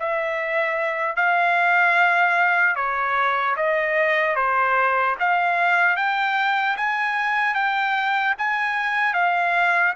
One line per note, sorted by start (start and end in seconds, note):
0.00 1.16 E5
1.16 2.76 F5
2.76 3.56 C#5
3.57 4.36 D#5
4.36 5.16 C5
5.20 5.97 F5
5.97 6.77 G5
6.77 7.55 G#5
7.55 8.35 G5
8.39 9.14 G#5
9.14 9.94 F5